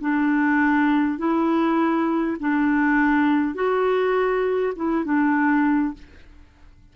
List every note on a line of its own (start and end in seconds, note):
0.00 1.18 D4
1.18 2.37 E4
2.40 3.54 D4
3.54 4.73 F#4
4.76 5.04 E4
5.04 5.94 D4